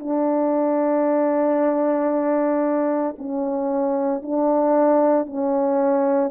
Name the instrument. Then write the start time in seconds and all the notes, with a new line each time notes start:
horn
0.00 D4
3.18 C#4
4.22 D4
5.26 C#4